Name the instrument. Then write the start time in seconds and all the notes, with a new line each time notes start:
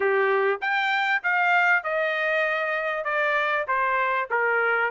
trumpet
0.00 G4
0.61 G5
1.23 F5
1.83 D#5
3.04 D5
3.67 C5
4.30 A#4